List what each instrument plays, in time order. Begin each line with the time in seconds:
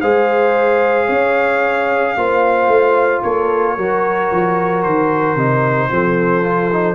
0.00 tuba G#3, trombone G#4, horn C5, trumpet F5
1.07 tuba C#4, horn C#5
2.17 tuba A#3, trombone F4, horn C5
2.67 tuba A3
3.23 tuba A#3, horn A4, trumpet C#5
3.75 tuba F#3, trombone F#4, horn A#4
4.31 tuba F3
4.82 tuba D#3, trumpet C5
5.35 tuba C3, trombone D#4
5.90 tuba F3, trombone C4, horn A4
6.43 trombone F4
6.72 trombone D#4